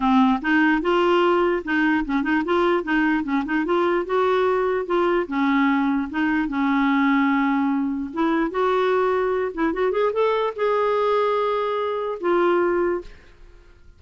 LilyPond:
\new Staff \with { instrumentName = "clarinet" } { \time 4/4 \tempo 4 = 148 c'4 dis'4 f'2 | dis'4 cis'8 dis'8 f'4 dis'4 | cis'8 dis'8 f'4 fis'2 | f'4 cis'2 dis'4 |
cis'1 | e'4 fis'2~ fis'8 e'8 | fis'8 gis'8 a'4 gis'2~ | gis'2 f'2 | }